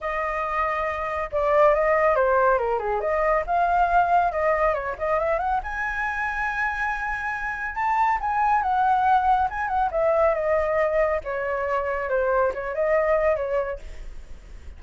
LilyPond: \new Staff \with { instrumentName = "flute" } { \time 4/4 \tempo 4 = 139 dis''2. d''4 | dis''4 c''4 ais'8 gis'8 dis''4 | f''2 dis''4 cis''8 dis''8 | e''8 fis''8 gis''2.~ |
gis''2 a''4 gis''4 | fis''2 gis''8 fis''8 e''4 | dis''2 cis''2 | c''4 cis''8 dis''4. cis''4 | }